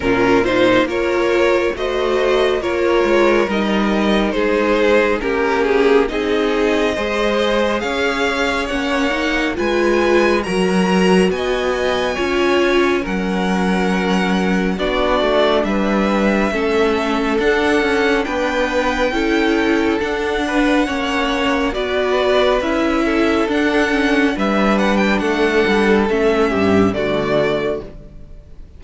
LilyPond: <<
  \new Staff \with { instrumentName = "violin" } { \time 4/4 \tempo 4 = 69 ais'8 c''8 cis''4 dis''4 cis''4 | dis''4 c''4 ais'8 gis'8 dis''4~ | dis''4 f''4 fis''4 gis''4 | ais''4 gis''2 fis''4~ |
fis''4 d''4 e''2 | fis''4 g''2 fis''4~ | fis''4 d''4 e''4 fis''4 | e''8 fis''16 g''16 fis''4 e''4 d''4 | }
  \new Staff \with { instrumentName = "violin" } { \time 4/4 f'4 ais'4 c''4 ais'4~ | ais'4 gis'4 g'4 gis'4 | c''4 cis''2 b'4 | ais'4 dis''4 cis''4 ais'4~ |
ais'4 fis'4 b'4 a'4~ | a'4 b'4 a'4. b'8 | cis''4 b'4. a'4. | b'4 a'4. g'8 fis'4 | }
  \new Staff \with { instrumentName = "viola" } { \time 4/4 cis'8 dis'8 f'4 fis'4 f'4 | dis'2 cis'4 dis'4 | gis'2 cis'8 dis'8 f'4 | fis'2 f'4 cis'4~ |
cis'4 d'2 cis'4 | d'2 e'4 d'4 | cis'4 fis'4 e'4 d'8 cis'8 | d'2 cis'4 a4 | }
  \new Staff \with { instrumentName = "cello" } { \time 4/4 ais,4 ais4 a4 ais8 gis8 | g4 gis4 ais4 c'4 | gis4 cis'4 ais4 gis4 | fis4 b4 cis'4 fis4~ |
fis4 b8 a8 g4 a4 | d'8 cis'8 b4 cis'4 d'4 | ais4 b4 cis'4 d'4 | g4 a8 g8 a8 g,8 d4 | }
>>